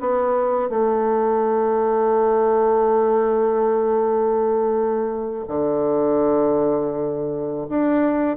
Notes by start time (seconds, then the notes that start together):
0.00 B3
0.69 A3
5.48 D3
7.69 D4